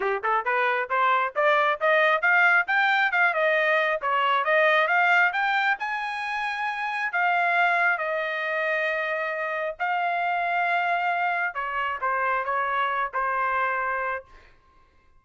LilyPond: \new Staff \with { instrumentName = "trumpet" } { \time 4/4 \tempo 4 = 135 g'8 a'8 b'4 c''4 d''4 | dis''4 f''4 g''4 f''8 dis''8~ | dis''4 cis''4 dis''4 f''4 | g''4 gis''2. |
f''2 dis''2~ | dis''2 f''2~ | f''2 cis''4 c''4 | cis''4. c''2~ c''8 | }